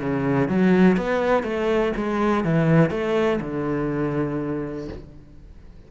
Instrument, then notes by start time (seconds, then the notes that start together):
cello
0.00 C#3
0.49 F#3
0.97 B3
1.43 A3
1.96 G#3
2.45 E3
2.90 A3
3.41 D3